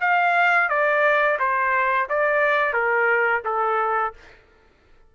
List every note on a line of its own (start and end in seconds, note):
0.00 0.69 F5
0.69 1.38 D5
1.39 2.08 C5
2.09 2.73 D5
2.73 3.42 A#4
3.45 4.13 A4